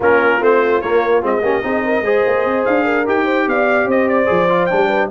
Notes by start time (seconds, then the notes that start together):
0.00 A#3 C#4 F4 A#4
0.40 A3 C4 C5
0.81 A#3 C#5
1.22 G#3 C4 D#5
1.42 A#3 C#4 G4
1.62 C4 D#4 G#4
1.84 A#4
2.00 G#3 G#4 C5
2.26 A#3
2.44 C4
2.65 D4 F5
2.85 A#4
3.05 D#4 G4 G5
3.24 C5
3.46 B3 D5 F5
3.84 C4 C5 D#5
4.08 D5
4.26 F3 G#4
4.49 F4
4.66 G3 D4 G5
4.87 B4